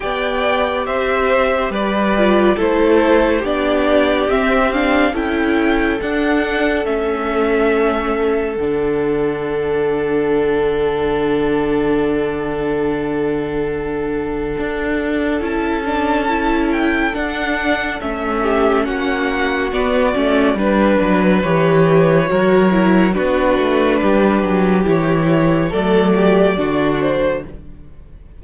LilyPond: <<
  \new Staff \with { instrumentName = "violin" } { \time 4/4 \tempo 4 = 70 g''4 e''4 d''4 c''4 | d''4 e''8 f''8 g''4 fis''4 | e''2 fis''2~ | fis''1~ |
fis''2 a''4. g''8 | fis''4 e''4 fis''4 d''4 | b'4 cis''2 b'4~ | b'4 cis''4 d''4. c''8 | }
  \new Staff \with { instrumentName = "violin" } { \time 4/4 d''4 c''4 b'4 a'4 | g'2 a'2~ | a'1~ | a'1~ |
a'1~ | a'4. g'8 fis'2 | b'2 ais'4 fis'4 | g'2 a'8 g'8 fis'4 | }
  \new Staff \with { instrumentName = "viola" } { \time 4/4 g'2~ g'8 f'8 e'4 | d'4 c'8 d'8 e'4 d'4 | cis'2 d'2~ | d'1~ |
d'2 e'8 d'8 e'4 | d'4 cis'2 b8 cis'8 | d'4 g'4 fis'8 e'8 d'4~ | d'4 e'4 a4 d'4 | }
  \new Staff \with { instrumentName = "cello" } { \time 4/4 b4 c'4 g4 a4 | b4 c'4 cis'4 d'4 | a2 d2~ | d1~ |
d4 d'4 cis'2 | d'4 a4 ais4 b8 a8 | g8 fis8 e4 fis4 b8 a8 | g8 fis8 e4 fis4 d4 | }
>>